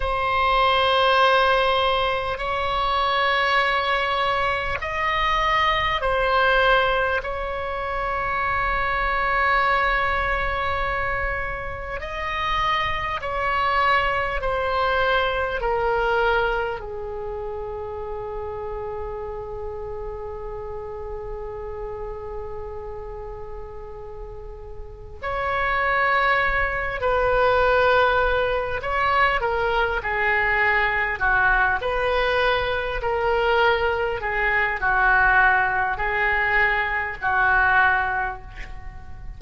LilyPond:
\new Staff \with { instrumentName = "oboe" } { \time 4/4 \tempo 4 = 50 c''2 cis''2 | dis''4 c''4 cis''2~ | cis''2 dis''4 cis''4 | c''4 ais'4 gis'2~ |
gis'1~ | gis'4 cis''4. b'4. | cis''8 ais'8 gis'4 fis'8 b'4 ais'8~ | ais'8 gis'8 fis'4 gis'4 fis'4 | }